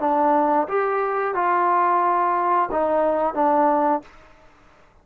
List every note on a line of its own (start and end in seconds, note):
0.00 0.67 D4
0.68 1.35 G4
1.35 2.69 F4
2.72 3.34 D#4
3.34 4.02 D4